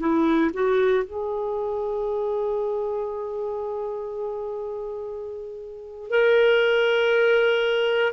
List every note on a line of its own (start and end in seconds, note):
0.00 0.51 E4
0.54 1.04 F#4
1.04 6.10 G#4
6.10 8.13 A#4